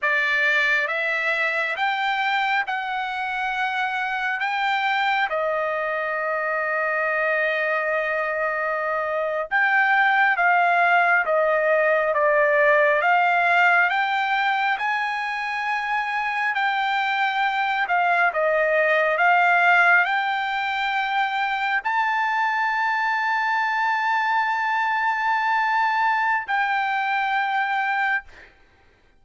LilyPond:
\new Staff \with { instrumentName = "trumpet" } { \time 4/4 \tempo 4 = 68 d''4 e''4 g''4 fis''4~ | fis''4 g''4 dis''2~ | dis''2~ dis''8. g''4 f''16~ | f''8. dis''4 d''4 f''4 g''16~ |
g''8. gis''2 g''4~ g''16~ | g''16 f''8 dis''4 f''4 g''4~ g''16~ | g''8. a''2.~ a''16~ | a''2 g''2 | }